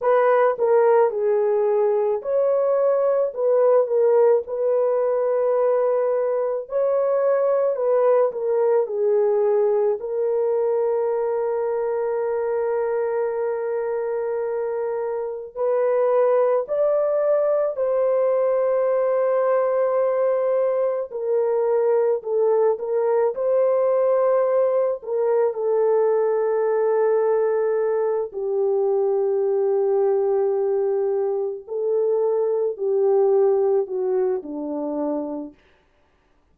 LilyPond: \new Staff \with { instrumentName = "horn" } { \time 4/4 \tempo 4 = 54 b'8 ais'8 gis'4 cis''4 b'8 ais'8 | b'2 cis''4 b'8 ais'8 | gis'4 ais'2.~ | ais'2 b'4 d''4 |
c''2. ais'4 | a'8 ais'8 c''4. ais'8 a'4~ | a'4. g'2~ g'8~ | g'8 a'4 g'4 fis'8 d'4 | }